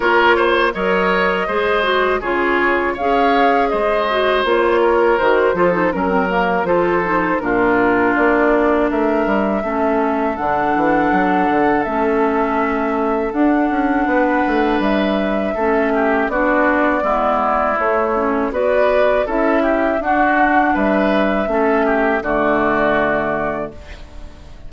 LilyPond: <<
  \new Staff \with { instrumentName = "flute" } { \time 4/4 \tempo 4 = 81 cis''4 dis''2 cis''4 | f''4 dis''4 cis''4 c''4 | ais'4 c''4 ais'4 d''4 | e''2 fis''2 |
e''2 fis''2 | e''2 d''2 | cis''4 d''4 e''4 fis''4 | e''2 d''2 | }
  \new Staff \with { instrumentName = "oboe" } { \time 4/4 ais'8 c''8 cis''4 c''4 gis'4 | cis''4 c''4. ais'4 a'8 | ais'4 a'4 f'2 | ais'4 a'2.~ |
a'2. b'4~ | b'4 a'8 g'8 fis'4 e'4~ | e'4 b'4 a'8 g'8 fis'4 | b'4 a'8 g'8 fis'2 | }
  \new Staff \with { instrumentName = "clarinet" } { \time 4/4 f'4 ais'4 gis'8 fis'8 f'4 | gis'4. fis'8 f'4 fis'8 f'16 dis'16 | cis'16 c'16 ais8 f'8 dis'8 d'2~ | d'4 cis'4 d'2 |
cis'2 d'2~ | d'4 cis'4 d'4 b4 | a8 cis'8 fis'4 e'4 d'4~ | d'4 cis'4 a2 | }
  \new Staff \with { instrumentName = "bassoon" } { \time 4/4 ais4 fis4 gis4 cis4 | cis'4 gis4 ais4 dis8 f8 | fis4 f4 ais,4 ais4 | a8 g8 a4 d8 e8 fis8 d8 |
a2 d'8 cis'8 b8 a8 | g4 a4 b4 gis4 | a4 b4 cis'4 d'4 | g4 a4 d2 | }
>>